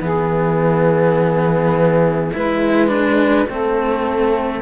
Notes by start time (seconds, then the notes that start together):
0.00 E3 B3 G#4 E5
2.33 G#3 E4 B4
2.88 D4
3.46 A3 C4 A4